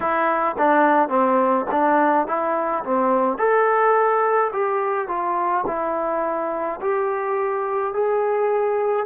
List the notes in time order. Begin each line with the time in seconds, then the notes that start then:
0.00 E4
0.58 D4
1.09 C4
1.71 D4
2.26 E4
2.84 C4
3.38 A4
4.52 G4
5.08 F4
5.67 E4
6.81 G4
7.93 G#4